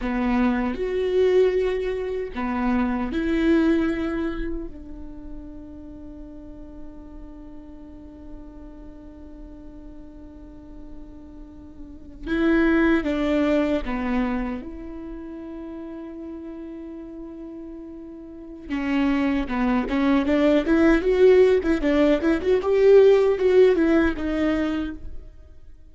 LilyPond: \new Staff \with { instrumentName = "viola" } { \time 4/4 \tempo 4 = 77 b4 fis'2 b4 | e'2 d'2~ | d'1~ | d'2.~ d'8. e'16~ |
e'8. d'4 b4 e'4~ e'16~ | e'1 | cis'4 b8 cis'8 d'8 e'8 fis'8. e'16 | d'8 e'16 fis'16 g'4 fis'8 e'8 dis'4 | }